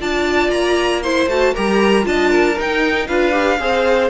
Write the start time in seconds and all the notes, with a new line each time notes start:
0.00 D4 F4 D5 A5
0.49 A#3 A#5
1.03 E4 C5 C6
1.26 A3 F#4 A5
1.53 G3 G4 A#4 A#5
2.03 D4 F4 D#5 A5
2.29 A#4
2.58 D#4 G5
3.07 D4 F4 B4 F5
3.31 G4
3.59 C4 G#4 C5